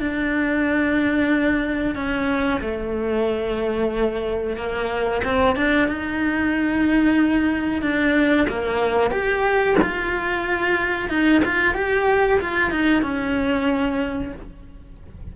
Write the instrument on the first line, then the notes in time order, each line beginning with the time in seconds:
cello
0.00 D4
1.95 C#4
2.61 A3
4.57 A#3
5.25 C4
5.56 D4
5.88 D#4
7.82 D4
8.49 A#3
9.11 G4
9.82 F4
11.10 D#4
11.45 F4
11.75 G4
12.41 F4
12.71 D#4
13.03 C#4